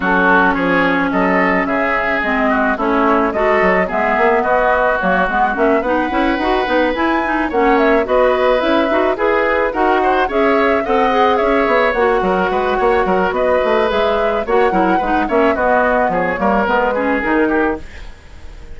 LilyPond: <<
  \new Staff \with { instrumentName = "flute" } { \time 4/4 \tempo 4 = 108 a'4 cis''4 dis''4 e''4 | dis''4 cis''4 dis''4 e''4 | dis''4 cis''8 fis''8 e''8 fis''4.~ | fis''8 gis''4 fis''8 e''8 dis''4 e''8~ |
e''8 b'4 fis''4 e''4 fis''8~ | fis''8 e''4 fis''2~ fis''8 | dis''4 e''4 fis''4. e''8 | dis''4 cis''4 b'4 ais'4 | }
  \new Staff \with { instrumentName = "oboe" } { \time 4/4 fis'4 gis'4 a'4 gis'4~ | gis'8 fis'8 e'4 a'4 gis'4 | fis'2~ fis'8 b'4.~ | b'4. cis''4 b'4.~ |
b'8 gis'4 ais'8 c''8 cis''4 dis''8~ | dis''8 cis''4. ais'8 b'8 cis''8 ais'8 | b'2 cis''8 ais'8 b'8 cis''8 | fis'4 gis'8 ais'4 gis'4 g'8 | }
  \new Staff \with { instrumentName = "clarinet" } { \time 4/4 cis'1 | c'4 cis'4 fis'4 b4~ | b4 ais8 b8 cis'8 dis'8 e'8 fis'8 | dis'8 e'8 dis'8 cis'4 fis'4 e'8 |
fis'8 gis'4 fis'4 gis'4 a'8 | gis'4. fis'2~ fis'8~ | fis'4 gis'4 fis'8 e'8 dis'8 cis'8 | b4. ais8 b8 cis'8 dis'4 | }
  \new Staff \with { instrumentName = "bassoon" } { \time 4/4 fis4 f4 fis4 cis4 | gis4 a4 gis8 fis8 gis8 ais8 | b4 fis8 gis8 ais8 b8 cis'8 dis'8 | b8 e'4 ais4 b4 cis'8 |
dis'8 e'4 dis'4 cis'4 c'8~ | c'8 cis'8 b8 ais8 fis8 gis8 ais8 fis8 | b8 a8 gis4 ais8 fis8 gis8 ais8 | b4 f8 g8 gis4 dis4 | }
>>